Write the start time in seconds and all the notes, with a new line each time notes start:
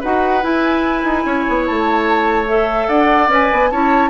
0.00 D#4 F#4 B4 F#5
0.42 E4 G#5
1.04 D#4
1.25 C#4 C#5
1.48 B3
1.66 A3 A5
2.48 A4 E5
2.88 D4 D5 F#5
3.28 C#4 B4 G#5
3.52 B3
3.70 C#4 E4 C#5 A5